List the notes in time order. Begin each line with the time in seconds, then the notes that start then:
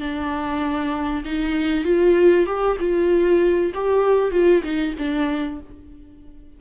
0.00 D4
1.25 D#4
1.85 F4
2.46 G4
2.79 F4
3.74 G4
4.31 F4
4.64 D#4
4.98 D4